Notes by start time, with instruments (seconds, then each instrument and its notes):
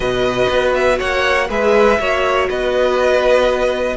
0.00 cello B2, viola F#4, violin B4 D#5
0.49 cello B3
0.74 violin E5
0.98 cello A#3, violin C#5 F#5
1.49 cello G#3, viola G#4, violin B4 E5
1.99 cello A#3, viola F#4, violin C#5
2.49 cello B3, violin B4 D#5